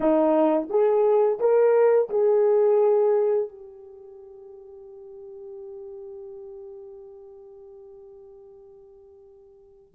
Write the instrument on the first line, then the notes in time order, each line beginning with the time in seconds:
horn
0.00 D#4
0.69 G#4
1.39 A#4
2.09 G#4
3.49 G4